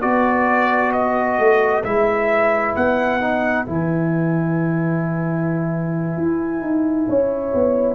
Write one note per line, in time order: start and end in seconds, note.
0.00 1.38 B3
0.00 1.83 F#4
0.00 7.05 B4
0.00 0.92 D5
0.93 1.84 D#5
1.38 1.84 A3
1.84 2.75 G#3
1.84 3.21 E4
1.84 2.75 E5
2.76 3.67 B3
2.76 3.67 F#5
3.21 3.66 D#4
3.66 6.17 E3
3.66 7.95 E4
3.66 7.95 G#5
6.18 6.61 E4
6.61 7.06 D#4
7.09 7.54 C#4
7.09 7.95 C#5
7.54 7.95 B3